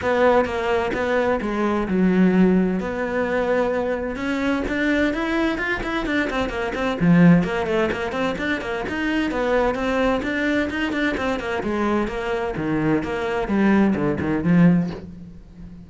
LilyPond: \new Staff \with { instrumentName = "cello" } { \time 4/4 \tempo 4 = 129 b4 ais4 b4 gis4 | fis2 b2~ | b4 cis'4 d'4 e'4 | f'8 e'8 d'8 c'8 ais8 c'8 f4 |
ais8 a8 ais8 c'8 d'8 ais8 dis'4 | b4 c'4 d'4 dis'8 d'8 | c'8 ais8 gis4 ais4 dis4 | ais4 g4 d8 dis8 f4 | }